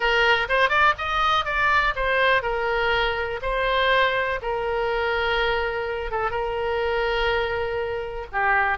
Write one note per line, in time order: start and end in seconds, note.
0.00 0.47 A#4
0.49 0.69 C5
0.69 0.93 D5
0.98 1.45 D#5
1.45 1.94 D5
1.95 2.42 C5
2.42 3.39 A#4
3.42 4.39 C5
4.42 6.11 A#4
6.11 6.31 A4
6.31 8.26 A#4
8.32 8.77 G4